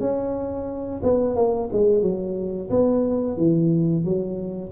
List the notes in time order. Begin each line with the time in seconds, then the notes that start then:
0.00 C#4
1.03 B3
1.36 A#3
1.72 G#3
2.02 F#3
2.70 B3
3.37 E3
4.04 F#3